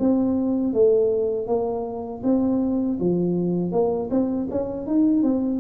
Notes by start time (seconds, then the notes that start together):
0.00 C4
0.73 A3
1.47 A#3
2.24 C4
3.00 F3
3.72 A#3
4.11 C4
4.51 C#4
4.87 D#4
5.23 C4